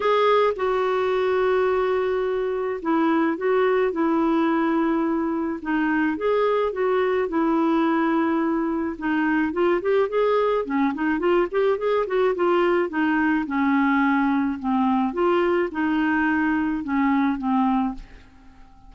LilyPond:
\new Staff \with { instrumentName = "clarinet" } { \time 4/4 \tempo 4 = 107 gis'4 fis'2.~ | fis'4 e'4 fis'4 e'4~ | e'2 dis'4 gis'4 | fis'4 e'2. |
dis'4 f'8 g'8 gis'4 cis'8 dis'8 | f'8 g'8 gis'8 fis'8 f'4 dis'4 | cis'2 c'4 f'4 | dis'2 cis'4 c'4 | }